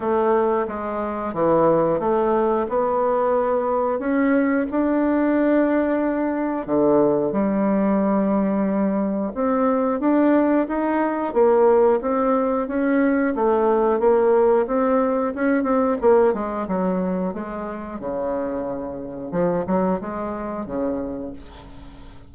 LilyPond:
\new Staff \with { instrumentName = "bassoon" } { \time 4/4 \tempo 4 = 90 a4 gis4 e4 a4 | b2 cis'4 d'4~ | d'2 d4 g4~ | g2 c'4 d'4 |
dis'4 ais4 c'4 cis'4 | a4 ais4 c'4 cis'8 c'8 | ais8 gis8 fis4 gis4 cis4~ | cis4 f8 fis8 gis4 cis4 | }